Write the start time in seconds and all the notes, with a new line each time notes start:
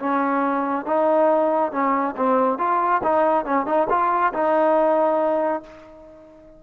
0.00 C#4
0.86 D#4
1.72 C#4
2.17 C4
2.59 F4
3.04 D#4
3.46 C#4
3.66 D#4
3.90 F4
4.34 D#4